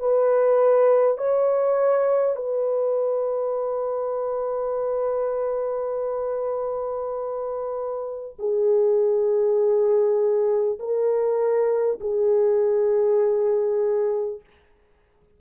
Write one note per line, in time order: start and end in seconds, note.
0.00 1.18 B4
1.18 2.37 C#5
2.37 8.37 B4
8.39 10.79 G#4
10.80 12.00 A#4
12.01 14.41 G#4